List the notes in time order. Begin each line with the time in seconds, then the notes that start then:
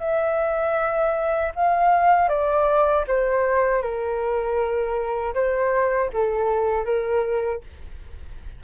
0.00 E5
1.56 F5
2.29 D5
3.08 C5
3.82 A#4
5.34 C5
6.13 A4
6.85 A#4